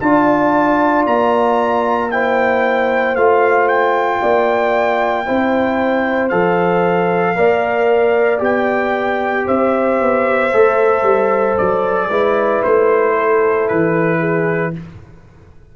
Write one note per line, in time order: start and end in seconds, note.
0.00 1.06 D4
0.00 2.11 F4
0.00 2.12 D5
0.00 1.05 A5
1.06 3.16 A#3
1.06 2.11 A#5
2.11 3.17 E4
2.11 4.21 C5
2.11 3.16 G5
3.16 4.21 A3
3.16 5.26 F4
3.16 3.68 F5
3.68 6.29 G5
4.21 5.28 A#3
4.21 5.26 D5
5.26 6.32 C4
5.26 6.31 E4
5.26 7.36 C5
6.29 7.37 F3
6.29 7.36 A4
6.29 8.40 F5
7.36 8.41 A#3
7.36 8.39 A#4
7.36 9.46 D5
8.39 9.46 B3
8.39 10.49 G4
8.39 9.47 G5
9.46 10.01 C4
9.46 12.09 C5
9.46 11.57 E5
10.01 10.53 B3
10.53 11.03 A3
10.53 12.10 A4
11.03 11.55 G3
11.57 12.09 F#3
11.57 12.63 D5
12.09 12.62 G#3
12.09 14.73 E4
12.09 13.14 B4
12.63 13.70 A3
12.63 13.68 C5
13.16 14.19 A4
13.68 14.76 E3
13.68 14.73 B4
14.19 14.72 G#4